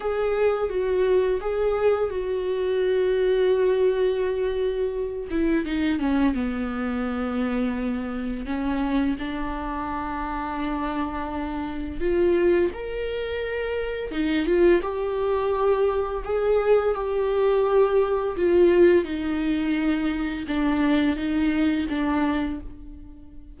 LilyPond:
\new Staff \with { instrumentName = "viola" } { \time 4/4 \tempo 4 = 85 gis'4 fis'4 gis'4 fis'4~ | fis'2.~ fis'8 e'8 | dis'8 cis'8 b2. | cis'4 d'2.~ |
d'4 f'4 ais'2 | dis'8 f'8 g'2 gis'4 | g'2 f'4 dis'4~ | dis'4 d'4 dis'4 d'4 | }